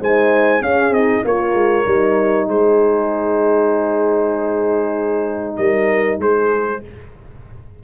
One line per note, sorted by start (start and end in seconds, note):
0.00 0.62 G#3
0.00 0.62 D#4
0.00 0.63 C5
0.00 0.63 G#5
0.62 0.90 C#4
0.62 0.93 C#4
0.62 1.25 G#4
0.62 0.94 F5
0.90 1.21 C4
0.90 1.25 D#4
0.90 1.25 D#5
1.25 1.54 A#3
1.25 1.86 F4
1.25 2.49 A#4
1.25 2.49 C#5
1.54 1.85 G#3
1.86 2.48 G3
1.86 6.80 D#4
2.48 5.57 G#3
2.48 5.58 G#4
2.48 5.57 C5
5.57 6.19 G3
5.57 6.20 A#4
5.57 6.18 D#5
6.19 6.81 G#3
6.19 6.82 G#4
6.19 6.84 C5